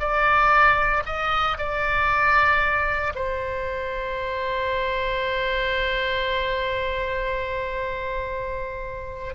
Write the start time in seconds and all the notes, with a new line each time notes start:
0.00 D5
1.06 D#5
1.58 D5
3.15 C5